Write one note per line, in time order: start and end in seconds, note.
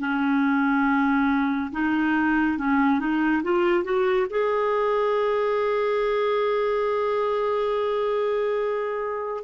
0.00 1.71 C#4
1.73 2.58 D#4
2.58 3.00 C#4
3.00 3.43 D#4
3.44 3.85 F4
3.85 4.27 F#4
4.31 9.44 G#4